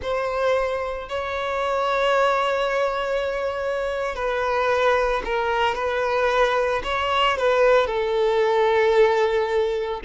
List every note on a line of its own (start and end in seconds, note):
0.01 1.08 C5
1.08 4.15 C#5
4.15 5.22 B4
5.25 5.75 A#4
5.75 6.82 B4
6.83 7.37 C#5
7.37 7.86 B4
7.86 10.01 A4